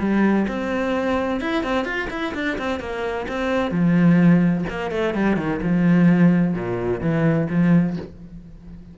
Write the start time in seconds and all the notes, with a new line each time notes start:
0.00 G3
0.48 C4
1.41 E4
1.64 C4
1.85 F4
2.11 E4
2.35 D4
2.59 C4
2.80 A#3
3.29 C4
3.71 F3
4.70 A#3
4.91 A3
5.15 G3
5.37 D#3
5.63 F3
6.55 A#2
7.01 E3
7.50 F3